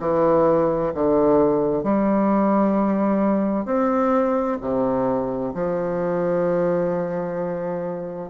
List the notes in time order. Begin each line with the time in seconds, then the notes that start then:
0.00 E3
0.94 D3
1.84 G3
3.65 C4
4.61 C3
5.55 F3